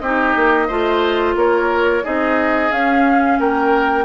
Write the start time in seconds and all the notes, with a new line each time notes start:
0.00 C4 D#4 G4 D#5
0.36 A#3
0.68 A3 F4 C5
1.36 A#3 A#4 C#5
2.04 C4 D#4 G#4 D#5
2.71 C#4 F5
3.40 A#3 A#4 G5